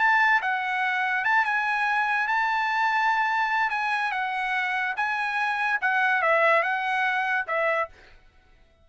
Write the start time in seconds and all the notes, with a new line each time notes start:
0.00 A5
0.42 F#5
1.25 A5
1.45 G#5
2.28 A5
3.71 G#5
4.12 F#5
4.97 G#5
5.82 F#5
6.23 E5
6.63 F#5
7.48 E5